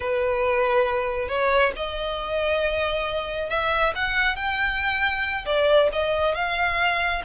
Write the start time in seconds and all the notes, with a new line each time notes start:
0.00 B4
1.28 C#5
1.76 D#5
3.49 E5
3.95 F#5
4.36 G5
5.45 D5
5.92 D#5
6.35 F5